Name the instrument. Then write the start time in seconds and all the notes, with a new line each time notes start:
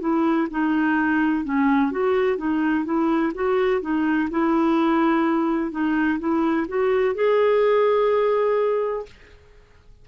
clarinet
0.00 E4
0.50 D#4
1.44 C#4
1.91 F#4
2.37 D#4
2.85 E4
3.35 F#4
3.81 D#4
4.30 E4
5.71 D#4
6.19 E4
6.68 F#4
7.15 G#4